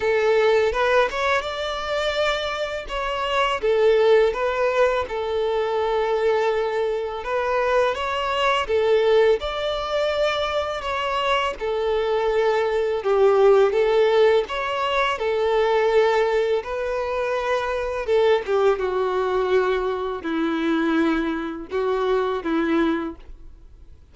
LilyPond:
\new Staff \with { instrumentName = "violin" } { \time 4/4 \tempo 4 = 83 a'4 b'8 cis''8 d''2 | cis''4 a'4 b'4 a'4~ | a'2 b'4 cis''4 | a'4 d''2 cis''4 |
a'2 g'4 a'4 | cis''4 a'2 b'4~ | b'4 a'8 g'8 fis'2 | e'2 fis'4 e'4 | }